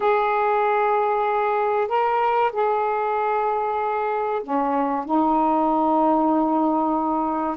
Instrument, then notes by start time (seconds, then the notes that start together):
saxophone
0.00 G#4
1.88 A#4
2.52 G#4
4.43 C#4
5.05 D#4